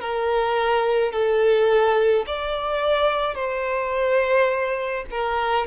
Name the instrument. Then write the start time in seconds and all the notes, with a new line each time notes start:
violin
0.00 A#4
1.12 A4
2.26 D5
3.34 C5
5.10 A#4